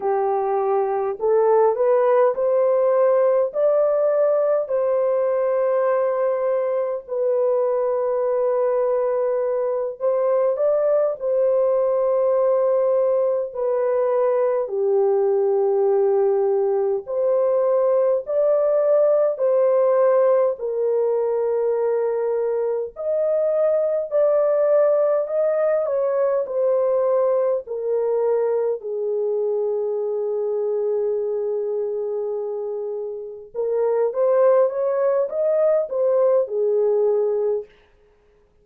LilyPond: \new Staff \with { instrumentName = "horn" } { \time 4/4 \tempo 4 = 51 g'4 a'8 b'8 c''4 d''4 | c''2 b'2~ | b'8 c''8 d''8 c''2 b'8~ | b'8 g'2 c''4 d''8~ |
d''8 c''4 ais'2 dis''8~ | dis''8 d''4 dis''8 cis''8 c''4 ais'8~ | ais'8 gis'2.~ gis'8~ | gis'8 ais'8 c''8 cis''8 dis''8 c''8 gis'4 | }